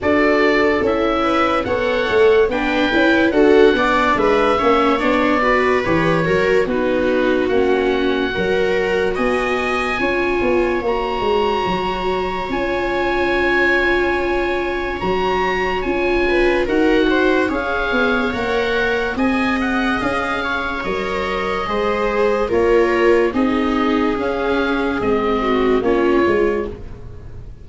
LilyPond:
<<
  \new Staff \with { instrumentName = "oboe" } { \time 4/4 \tempo 4 = 72 d''4 e''4 fis''4 g''4 | fis''4 e''4 d''4 cis''4 | b'4 fis''2 gis''4~ | gis''4 ais''2 gis''4~ |
gis''2 ais''4 gis''4 | fis''4 f''4 fis''4 gis''8 fis''8 | f''4 dis''2 cis''4 | dis''4 f''4 dis''4 cis''4 | }
  \new Staff \with { instrumentName = "viola" } { \time 4/4 a'4. b'8 cis''4 b'4 | a'8 d''8 b'8 cis''4 b'4 ais'8 | fis'2 ais'4 dis''4 | cis''1~ |
cis''2.~ cis''8 b'8 | ais'8 c''8 cis''2 dis''4~ | dis''8 cis''4. c''4 ais'4 | gis'2~ gis'8 fis'8 f'4 | }
  \new Staff \with { instrumentName = "viola" } { \time 4/4 fis'4 e'4 a'4 d'8 e'8 | fis'8 d'4 cis'8 d'8 fis'8 g'8 fis'8 | dis'4 cis'4 fis'2 | f'4 fis'2 f'4~ |
f'2 fis'4 f'4 | fis'4 gis'4 ais'4 gis'4~ | gis'4 ais'4 gis'4 f'4 | dis'4 cis'4 c'4 cis'8 f'8 | }
  \new Staff \with { instrumentName = "tuba" } { \time 4/4 d'4 cis'4 b8 a8 b8 cis'8 | d'8 b8 gis8 ais8 b4 e8 fis8 | b4 ais4 fis4 b4 | cis'8 b8 ais8 gis8 fis4 cis'4~ |
cis'2 fis4 cis'4 | dis'4 cis'8 b8 ais4 c'4 | cis'4 fis4 gis4 ais4 | c'4 cis'4 gis4 ais8 gis8 | }
>>